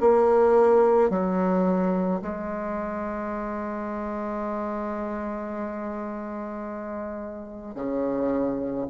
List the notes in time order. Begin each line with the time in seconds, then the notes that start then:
0.00 A#3
1.10 F#3
2.22 G#3
7.75 C#3